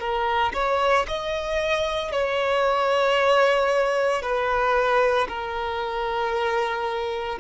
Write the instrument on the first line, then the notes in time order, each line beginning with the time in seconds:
violin
0.00 A#4
0.54 C#5
1.08 D#5
2.12 C#5
4.23 B4
5.29 A#4